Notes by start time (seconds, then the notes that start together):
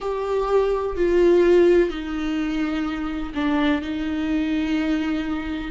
0.00 G4
0.96 F4
1.90 D#4
3.34 D4
3.81 D#4